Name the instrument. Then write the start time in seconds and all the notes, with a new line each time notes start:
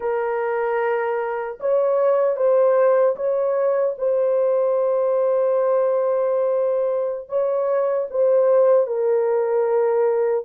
horn
0.00 A#4
1.60 C#5
2.36 C5
3.15 C#5
3.98 C5
7.28 C#5
8.10 C5
8.86 A#4